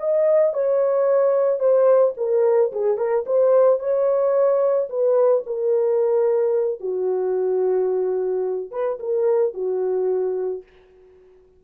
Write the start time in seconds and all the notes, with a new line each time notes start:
0.00 D#5
0.54 C#5
1.60 C5
2.18 A#4
2.72 G#4
2.98 A#4
3.27 C5
3.80 C#5
4.90 B4
5.47 A#4
6.81 F#4
8.72 B4
9.00 A#4
9.55 F#4